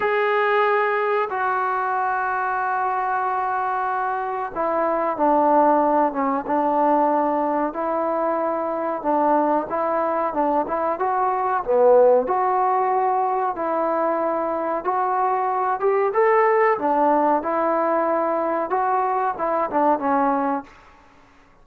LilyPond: \new Staff \with { instrumentName = "trombone" } { \time 4/4 \tempo 4 = 93 gis'2 fis'2~ | fis'2. e'4 | d'4. cis'8 d'2 | e'2 d'4 e'4 |
d'8 e'8 fis'4 b4 fis'4~ | fis'4 e'2 fis'4~ | fis'8 g'8 a'4 d'4 e'4~ | e'4 fis'4 e'8 d'8 cis'4 | }